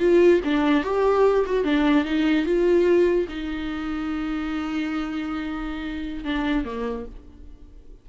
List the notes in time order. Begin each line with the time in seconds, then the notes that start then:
0.00 F4
0.45 D4
0.84 G4
1.47 F#4
1.64 D4
2.05 D#4
2.46 F4
3.29 D#4
6.25 D4
6.65 A#3